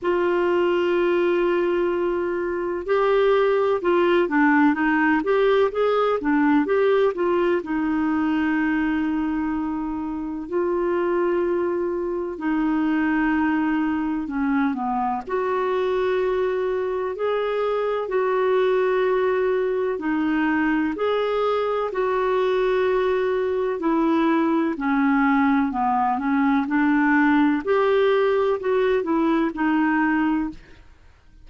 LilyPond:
\new Staff \with { instrumentName = "clarinet" } { \time 4/4 \tempo 4 = 63 f'2. g'4 | f'8 d'8 dis'8 g'8 gis'8 d'8 g'8 f'8 | dis'2. f'4~ | f'4 dis'2 cis'8 b8 |
fis'2 gis'4 fis'4~ | fis'4 dis'4 gis'4 fis'4~ | fis'4 e'4 cis'4 b8 cis'8 | d'4 g'4 fis'8 e'8 dis'4 | }